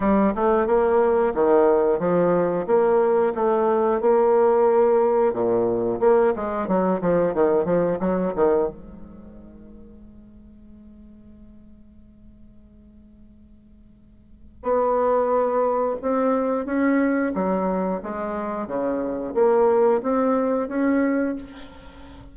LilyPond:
\new Staff \with { instrumentName = "bassoon" } { \time 4/4 \tempo 4 = 90 g8 a8 ais4 dis4 f4 | ais4 a4 ais2 | ais,4 ais8 gis8 fis8 f8 dis8 f8 | fis8 dis8 gis2.~ |
gis1~ | gis2 b2 | c'4 cis'4 fis4 gis4 | cis4 ais4 c'4 cis'4 | }